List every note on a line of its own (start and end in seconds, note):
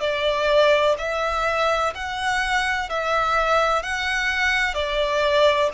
0.00 0.95 D5
0.98 1.94 E5
1.94 2.89 F#5
2.89 3.82 E5
3.82 4.74 F#5
4.74 5.69 D5